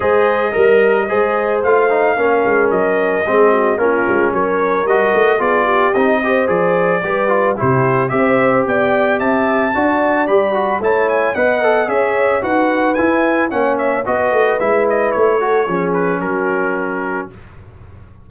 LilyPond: <<
  \new Staff \with { instrumentName = "trumpet" } { \time 4/4 \tempo 4 = 111 dis''2. f''4~ | f''4 dis''2 ais'4 | cis''4 dis''4 d''4 dis''4 | d''2 c''4 e''4 |
g''4 a''2 b''4 | a''8 gis''8 fis''4 e''4 fis''4 | gis''4 fis''8 e''8 dis''4 e''8 dis''8 | cis''4. b'8 ais'2 | }
  \new Staff \with { instrumentName = "horn" } { \time 4/4 c''4 ais'4 c''2 | ais'2 gis'8 fis'8 f'4 | ais'2 gis'8 g'4 c''8~ | c''4 b'4 g'4 c''4 |
d''4 e''4 d''2 | cis''4 dis''4 cis''4 b'4~ | b'4 cis''4 b'2~ | b'8 a'8 gis'4 fis'2 | }
  \new Staff \with { instrumentName = "trombone" } { \time 4/4 gis'4 ais'4 gis'4 f'8 dis'8 | cis'2 c'4 cis'4~ | cis'4 fis'4 f'4 dis'8 g'8 | gis'4 g'8 f'8 e'4 g'4~ |
g'2 fis'4 g'8 fis'8 | e'4 b'8 a'8 gis'4 fis'4 | e'4 cis'4 fis'4 e'4~ | e'8 fis'8 cis'2. | }
  \new Staff \with { instrumentName = "tuba" } { \time 4/4 gis4 g4 gis4 a4 | ais8 gis8 fis4 gis4 ais8 gis8 | fis4 g8 a8 b4 c'4 | f4 g4 c4 c'4 |
b4 c'4 d'4 g4 | a4 b4 cis'4 dis'4 | e'4 ais4 b8 a8 gis4 | a4 f4 fis2 | }
>>